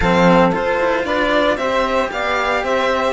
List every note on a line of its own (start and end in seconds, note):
0.00 0.52 F3
0.00 0.51 C4
0.00 1.03 A4
0.00 0.51 F5
0.51 1.57 F4
0.51 0.79 F4
0.51 1.05 C5
0.79 1.04 E4
1.04 1.56 D4
1.04 1.58 B4
1.04 1.57 D5
1.56 2.09 C4
1.56 3.13 G4
1.56 2.11 C5
1.56 2.09 E5
2.11 2.63 B3
2.11 2.63 D5
2.11 2.64 F5
2.63 3.13 C4
2.63 3.13 C5
2.63 3.13 E5